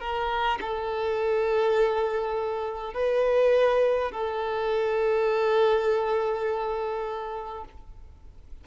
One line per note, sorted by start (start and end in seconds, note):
0.00 0.59 A#4
0.60 2.94 A4
2.94 4.11 B4
4.11 7.64 A4